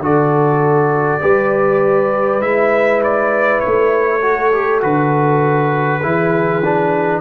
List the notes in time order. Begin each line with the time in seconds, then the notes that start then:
0.00 D3 F#4 A4 D5
1.21 G3 G4 B4
2.41 G#3 E4 E5
3.04 D5
3.60 A3 C#5
4.22 F#4 A4
4.53 G4
4.82 D3 F#4 B4
6.03 E3 E4 G#4
6.65 D4